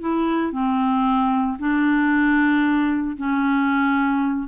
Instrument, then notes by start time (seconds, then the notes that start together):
clarinet
0.00 E4
0.52 C4
1.58 D4
3.17 C#4